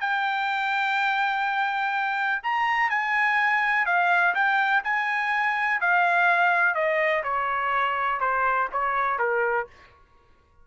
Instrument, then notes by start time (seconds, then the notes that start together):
trumpet
0.00 G5
2.43 A#5
2.90 G#5
3.85 F5
4.34 G5
4.83 G#5
5.80 F5
6.74 D#5
7.23 C#5
8.20 C5
8.72 C#5
9.18 A#4